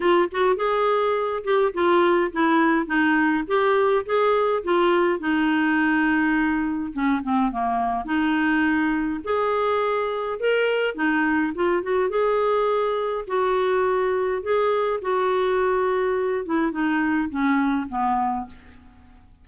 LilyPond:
\new Staff \with { instrumentName = "clarinet" } { \time 4/4 \tempo 4 = 104 f'8 fis'8 gis'4. g'8 f'4 | e'4 dis'4 g'4 gis'4 | f'4 dis'2. | cis'8 c'8 ais4 dis'2 |
gis'2 ais'4 dis'4 | f'8 fis'8 gis'2 fis'4~ | fis'4 gis'4 fis'2~ | fis'8 e'8 dis'4 cis'4 b4 | }